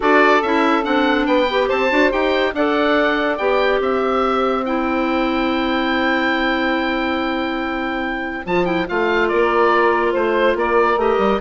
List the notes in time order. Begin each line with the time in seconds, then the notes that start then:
0.00 D4 F#4 A4 D5
0.42 C#4 E4 E5
0.82 C4 D4 F#5
1.26 B3 B4 G5
1.49 G4
1.67 C4 C5 A5
1.89 D4 F#4
2.11 D#4 G4 G5
2.54 D4 A4 D5 F#5
3.37 B3 G4 G5
3.79 C4 C5 E5
4.65 E4 G5
8.45 F3 F4 A5
8.64 E4 G5
8.87 A3 F4 F5
9.28 A#3 A#4 D5
10.11 A3 C5
10.55 A#3 A#4 D5
10.95 A3 G4 D#5
11.18 G3